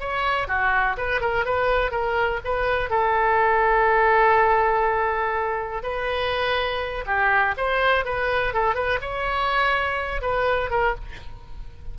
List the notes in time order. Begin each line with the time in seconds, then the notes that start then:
0.00 C#5
0.48 F#4
0.97 B4
1.21 A#4
1.45 B4
1.91 A#4
2.44 B4
2.90 A4
5.83 B4
7.06 G4
7.57 C5
8.05 B4
8.53 A4
8.75 B4
9.01 C#5
10.22 B4
10.70 A#4